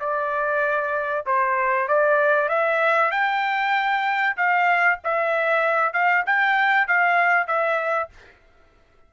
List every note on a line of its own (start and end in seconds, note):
0.00 1.25 D5
1.26 1.88 C5
1.88 2.49 D5
2.49 3.11 E5
3.11 4.36 G5
4.37 4.99 F5
5.04 5.93 E5
5.93 6.24 F5
6.26 6.87 G5
6.87 7.47 F5
7.47 8.09 E5